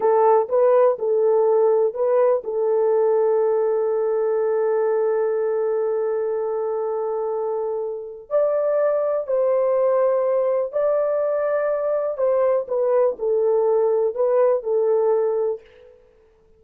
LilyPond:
\new Staff \with { instrumentName = "horn" } { \time 4/4 \tempo 4 = 123 a'4 b'4 a'2 | b'4 a'2.~ | a'1~ | a'1~ |
a'4 d''2 c''4~ | c''2 d''2~ | d''4 c''4 b'4 a'4~ | a'4 b'4 a'2 | }